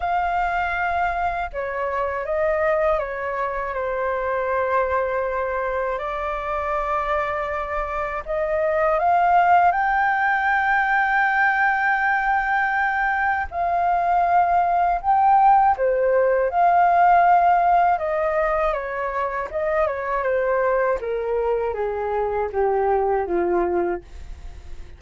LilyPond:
\new Staff \with { instrumentName = "flute" } { \time 4/4 \tempo 4 = 80 f''2 cis''4 dis''4 | cis''4 c''2. | d''2. dis''4 | f''4 g''2.~ |
g''2 f''2 | g''4 c''4 f''2 | dis''4 cis''4 dis''8 cis''8 c''4 | ais'4 gis'4 g'4 f'4 | }